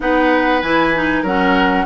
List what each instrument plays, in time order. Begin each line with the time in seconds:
0.00 bassoon B3, clarinet D#4, oboe B4, flute F#5
0.61 bassoon E3, clarinet E4, flute G#5
0.94 clarinet D#4
1.22 bassoon F#3, clarinet C#4, oboe A#4, flute F#5